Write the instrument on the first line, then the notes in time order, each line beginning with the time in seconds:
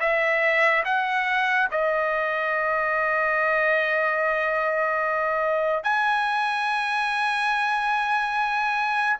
trumpet
0.00 E5
0.84 F#5
1.71 D#5
5.83 G#5